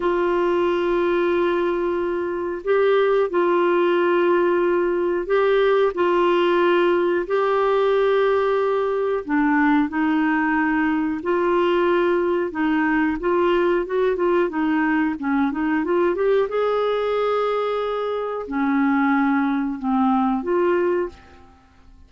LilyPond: \new Staff \with { instrumentName = "clarinet" } { \time 4/4 \tempo 4 = 91 f'1 | g'4 f'2. | g'4 f'2 g'4~ | g'2 d'4 dis'4~ |
dis'4 f'2 dis'4 | f'4 fis'8 f'8 dis'4 cis'8 dis'8 | f'8 g'8 gis'2. | cis'2 c'4 f'4 | }